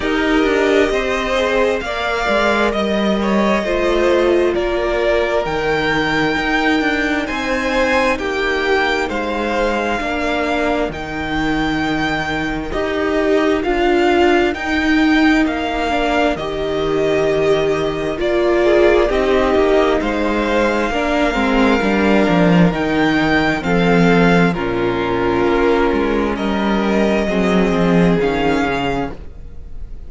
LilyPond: <<
  \new Staff \with { instrumentName = "violin" } { \time 4/4 \tempo 4 = 66 dis''2 f''4 dis''4~ | dis''4 d''4 g''2 | gis''4 g''4 f''2 | g''2 dis''4 f''4 |
g''4 f''4 dis''2 | d''4 dis''4 f''2~ | f''4 g''4 f''4 ais'4~ | ais'4 dis''2 f''4 | }
  \new Staff \with { instrumentName = "violin" } { \time 4/4 ais'4 c''4 d''4 dis''8 cis''8 | c''4 ais'2. | c''4 g'4 c''4 ais'4~ | ais'1~ |
ais'1~ | ais'8 gis'8 g'4 c''4 ais'4~ | ais'2 a'4 f'4~ | f'4 ais'4 gis'2 | }
  \new Staff \with { instrumentName = "viola" } { \time 4/4 g'4. gis'8 ais'2 | f'2 dis'2~ | dis'2. d'4 | dis'2 g'4 f'4 |
dis'4. d'8 g'2 | f'4 dis'2 d'8 c'8 | d'4 dis'4 c'4 cis'4~ | cis'2 c'4 cis'4 | }
  \new Staff \with { instrumentName = "cello" } { \time 4/4 dis'8 d'8 c'4 ais8 gis8 g4 | a4 ais4 dis4 dis'8 d'8 | c'4 ais4 gis4 ais4 | dis2 dis'4 d'4 |
dis'4 ais4 dis2 | ais4 c'8 ais8 gis4 ais8 gis8 | g8 f8 dis4 f4 ais,4 | ais8 gis8 g4 fis8 f8 dis8 cis8 | }
>>